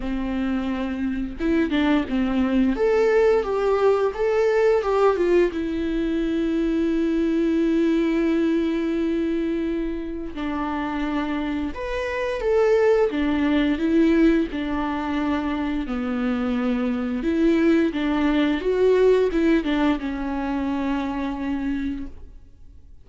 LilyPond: \new Staff \with { instrumentName = "viola" } { \time 4/4 \tempo 4 = 87 c'2 e'8 d'8 c'4 | a'4 g'4 a'4 g'8 f'8 | e'1~ | e'2. d'4~ |
d'4 b'4 a'4 d'4 | e'4 d'2 b4~ | b4 e'4 d'4 fis'4 | e'8 d'8 cis'2. | }